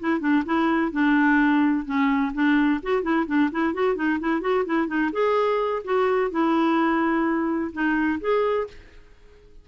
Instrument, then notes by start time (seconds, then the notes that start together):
clarinet
0.00 E4
0.20 D4
0.46 E4
0.92 D4
1.86 C#4
2.34 D4
2.83 F#4
3.03 E4
3.27 D4
3.52 E4
3.74 F#4
3.96 D#4
4.20 E4
4.41 F#4
4.66 E4
4.87 D#4
5.13 G#4
5.84 F#4
6.31 E4
7.73 D#4
8.21 G#4